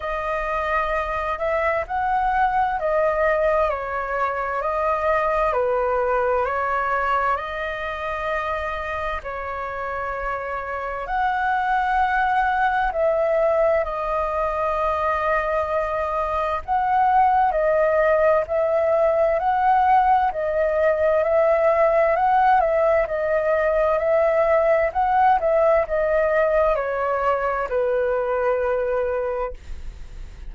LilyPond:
\new Staff \with { instrumentName = "flute" } { \time 4/4 \tempo 4 = 65 dis''4. e''8 fis''4 dis''4 | cis''4 dis''4 b'4 cis''4 | dis''2 cis''2 | fis''2 e''4 dis''4~ |
dis''2 fis''4 dis''4 | e''4 fis''4 dis''4 e''4 | fis''8 e''8 dis''4 e''4 fis''8 e''8 | dis''4 cis''4 b'2 | }